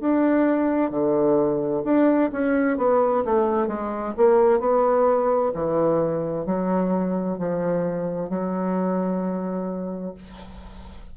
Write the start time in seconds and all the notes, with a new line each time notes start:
0.00 D4
0.91 D3
1.84 D4
2.32 C#4
2.78 B3
3.25 A3
3.68 G#3
4.17 A#3
4.60 B3
5.54 E3
6.46 F#3
7.38 F3
8.30 F#3